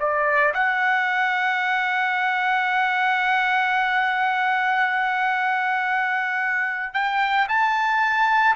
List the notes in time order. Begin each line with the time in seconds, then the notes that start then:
0.00 D5
0.55 F#5
6.94 G5
7.49 A5